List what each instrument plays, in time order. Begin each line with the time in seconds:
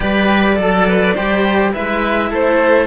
0.00 cello G3 G4, oboe B4, violin D5
0.55 cello F#3 A4, oboe A4
0.88 oboe B4
1.14 cello G3 G4, oboe C5
1.72 cello G#3 E4, oboe B4, violin E5
2.30 cello A3, oboe A4, violin C5